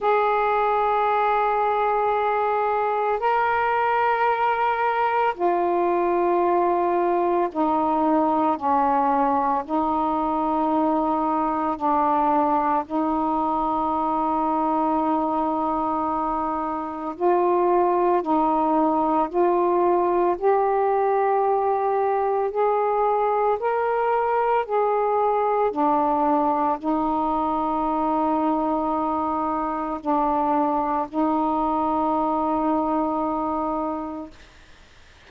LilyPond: \new Staff \with { instrumentName = "saxophone" } { \time 4/4 \tempo 4 = 56 gis'2. ais'4~ | ais'4 f'2 dis'4 | cis'4 dis'2 d'4 | dis'1 |
f'4 dis'4 f'4 g'4~ | g'4 gis'4 ais'4 gis'4 | d'4 dis'2. | d'4 dis'2. | }